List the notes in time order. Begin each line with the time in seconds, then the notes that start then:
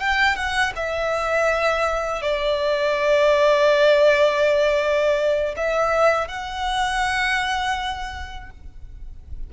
0.00 G5
0.35 F#5
0.75 E5
2.22 D5
5.56 E5
6.28 F#5